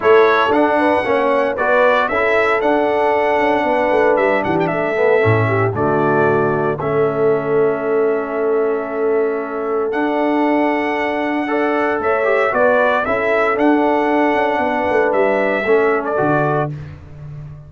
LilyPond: <<
  \new Staff \with { instrumentName = "trumpet" } { \time 4/4 \tempo 4 = 115 cis''4 fis''2 d''4 | e''4 fis''2. | e''8 fis''16 g''16 e''2 d''4~ | d''4 e''2.~ |
e''2. fis''4~ | fis''2. e''4 | d''4 e''4 fis''2~ | fis''4 e''4.~ e''16 d''4~ d''16 | }
  \new Staff \with { instrumentName = "horn" } { \time 4/4 a'4. b'8 cis''4 b'4 | a'2. b'4~ | b'8 g'8 a'4. g'8 fis'4~ | fis'4 a'2.~ |
a'1~ | a'2 d''4 cis''4 | b'4 a'2. | b'2 a'2 | }
  \new Staff \with { instrumentName = "trombone" } { \time 4/4 e'4 d'4 cis'4 fis'4 | e'4 d'2.~ | d'4. b8 cis'4 a4~ | a4 cis'2.~ |
cis'2. d'4~ | d'2 a'4. g'8 | fis'4 e'4 d'2~ | d'2 cis'4 fis'4 | }
  \new Staff \with { instrumentName = "tuba" } { \time 4/4 a4 d'4 ais4 b4 | cis'4 d'4. cis'8 b8 a8 | g8 e8 a4 a,4 d4~ | d4 a2.~ |
a2. d'4~ | d'2. a4 | b4 cis'4 d'4. cis'8 | b8 a8 g4 a4 d4 | }
>>